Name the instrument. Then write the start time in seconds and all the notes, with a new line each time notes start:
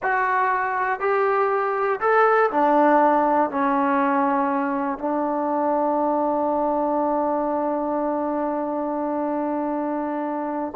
trombone
0.02 F#4
1.00 G4
2.00 A4
2.51 D4
3.50 C#4
4.98 D4